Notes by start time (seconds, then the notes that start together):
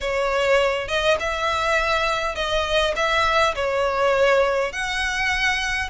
0.00 C#5
0.87 D#5
1.19 E5
2.35 D#5
2.96 E5
3.55 C#5
4.72 F#5